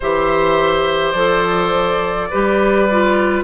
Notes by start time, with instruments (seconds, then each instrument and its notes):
0.00 bassoon E3, clarinet G4, oboe C5, flute E5
1.11 bassoon F3, clarinet A4, flute D5
2.30 bassoon G3, clarinet G4, oboe B4
2.91 clarinet F4